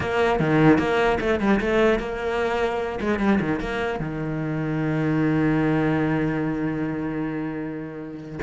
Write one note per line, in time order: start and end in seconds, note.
0.00 0.39 A#3
0.39 0.78 D#3
0.78 1.18 A#3
1.20 1.40 A3
1.40 1.60 G3
1.60 1.99 A3
1.99 2.99 A#3
3.00 3.19 G#3
3.19 3.39 G3
3.40 3.60 D#3
3.60 3.99 A#3
3.99 8.39 D#3